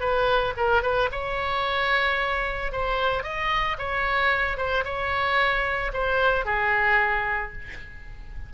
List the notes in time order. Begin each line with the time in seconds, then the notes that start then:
0.00 B4
0.57 A#4
0.83 B4
1.12 C#5
2.72 C5
3.23 D#5
3.79 C#5
4.57 C5
4.85 C#5
5.93 C5
6.45 G#4